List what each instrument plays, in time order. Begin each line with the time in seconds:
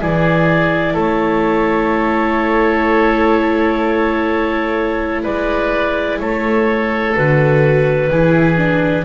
0.00 double bass E3, viola E4, oboe G#4, clarinet D5
0.93 double bass A3, oboe A4, clarinet C#5
5.23 double bass G#3, oboe B4, clarinet D5
6.20 double bass A3, oboe A4, clarinet C#5
7.15 double bass D3, viola F#4, clarinet B4
8.10 double bass E3, viola E4, oboe G#4
8.57 viola D4